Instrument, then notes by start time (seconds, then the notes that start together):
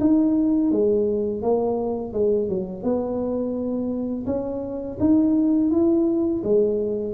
tuba
0.00 D#4
0.71 G#3
1.42 A#3
2.13 G#3
2.49 F#3
2.83 B3
4.26 C#4
5.00 D#4
5.71 E4
6.44 G#3